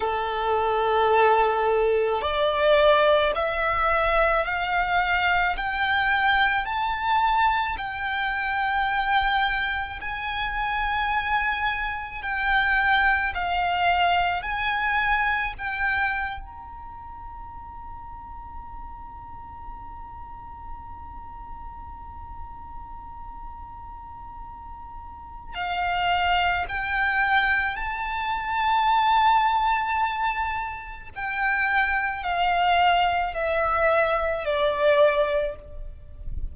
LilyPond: \new Staff \with { instrumentName = "violin" } { \time 4/4 \tempo 4 = 54 a'2 d''4 e''4 | f''4 g''4 a''4 g''4~ | g''4 gis''2 g''4 | f''4 gis''4 g''8. ais''4~ ais''16~ |
ais''1~ | ais''2. f''4 | g''4 a''2. | g''4 f''4 e''4 d''4 | }